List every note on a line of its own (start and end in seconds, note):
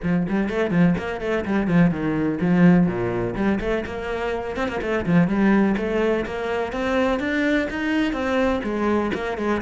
0.02 0.26 F3
0.28 0.49 G3
0.49 0.70 A3
0.70 0.94 F3
0.98 1.20 A#3
1.20 1.44 A3
1.45 1.67 G3
1.67 1.90 F3
1.90 2.38 D#3
2.40 2.87 F3
2.87 3.35 A#2
3.35 3.59 G3
3.60 3.84 A3
3.85 4.56 A#3
4.56 4.68 C4
4.68 4.80 A#3
4.81 5.05 A3
5.06 5.27 F3
5.27 5.75 G3
5.77 6.25 A3
6.25 6.72 A#3
6.72 7.19 C4
7.19 7.67 D4
7.69 8.13 D#4
8.13 8.61 C4
8.63 9.11 G#3
9.14 9.37 A#3
9.37 9.61 G#3